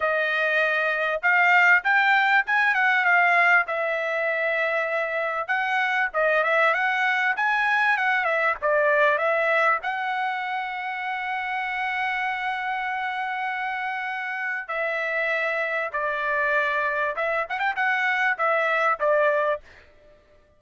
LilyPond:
\new Staff \with { instrumentName = "trumpet" } { \time 4/4 \tempo 4 = 98 dis''2 f''4 g''4 | gis''8 fis''8 f''4 e''2~ | e''4 fis''4 dis''8 e''8 fis''4 | gis''4 fis''8 e''8 d''4 e''4 |
fis''1~ | fis''1 | e''2 d''2 | e''8 fis''16 g''16 fis''4 e''4 d''4 | }